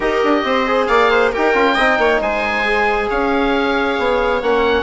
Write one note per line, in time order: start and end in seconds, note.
0.00 0.22 D#4
0.00 0.66 G4
0.00 0.43 A#4
0.00 0.86 D#5
0.23 0.44 D4
0.44 0.88 C4
0.44 0.88 C5
0.66 1.33 G#4
0.86 1.32 A#3
0.86 1.10 D5
0.86 1.31 F5
1.10 1.32 C5
1.32 1.54 D#4
1.32 1.54 G4
1.32 1.74 A#4
1.32 2.22 G5
1.54 1.76 C#4
1.54 1.76 F4
1.74 1.98 C4
1.74 2.65 D#4
1.74 1.96 D#5
1.98 2.20 A#3
1.98 2.20 C#5
2.20 3.09 G#3
2.20 3.09 C5
2.20 3.10 G#5
2.65 4.42 G#4
3.09 3.98 C#4
3.09 4.82 C#5
3.09 4.42 F5
3.98 4.42 B3
4.42 4.82 A#3
4.42 4.82 C#4
4.42 4.82 F#5